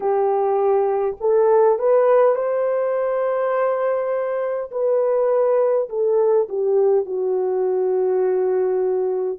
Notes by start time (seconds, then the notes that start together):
0.00 G4
1.20 A4
1.79 B4
2.35 C5
4.71 B4
5.89 A4
6.48 G4
7.05 F#4